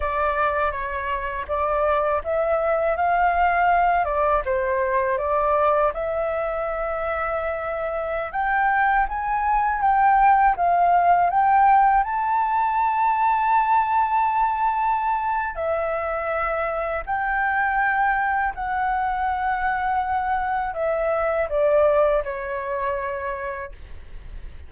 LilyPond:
\new Staff \with { instrumentName = "flute" } { \time 4/4 \tempo 4 = 81 d''4 cis''4 d''4 e''4 | f''4. d''8 c''4 d''4 | e''2.~ e''16 g''8.~ | g''16 gis''4 g''4 f''4 g''8.~ |
g''16 a''2.~ a''8.~ | a''4 e''2 g''4~ | g''4 fis''2. | e''4 d''4 cis''2 | }